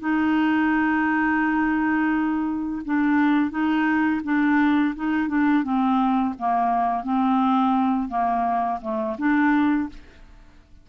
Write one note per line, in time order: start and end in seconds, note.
0.00 2.82 D#4
2.86 3.51 D4
3.51 4.22 D#4
4.24 4.95 D4
4.96 5.28 D#4
5.28 5.64 D4
5.64 6.34 C4
6.39 7.04 A#3
7.04 8.09 C4
8.09 8.79 A#3
8.82 9.17 A3
9.19 9.89 D4